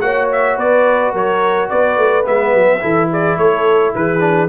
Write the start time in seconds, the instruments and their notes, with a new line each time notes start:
0.00 tuba A#3, trombone F#4, horn C#5, trumpet F#5
0.32 trumpet E5
0.57 tuba B3, horn B4, trumpet D5
1.13 tuba F#3, horn A#4, trumpet C#5
1.69 tuba B3, horn B4, trumpet D5
1.97 tuba A3
2.24 tuba G#3, trombone B3, trumpet E5
2.54 tuba F#3
2.81 tuba E3, trombone E4, horn A4
3.10 horn G#4, trumpet D5
3.37 tuba A3, horn A4, trumpet C#5
3.95 tuba E3, horn G#4, trumpet B4
4.19 trombone D4